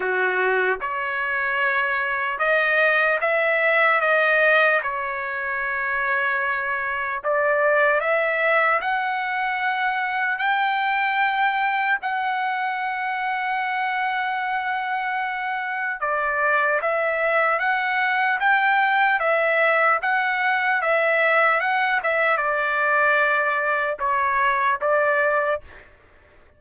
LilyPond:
\new Staff \with { instrumentName = "trumpet" } { \time 4/4 \tempo 4 = 75 fis'4 cis''2 dis''4 | e''4 dis''4 cis''2~ | cis''4 d''4 e''4 fis''4~ | fis''4 g''2 fis''4~ |
fis''1 | d''4 e''4 fis''4 g''4 | e''4 fis''4 e''4 fis''8 e''8 | d''2 cis''4 d''4 | }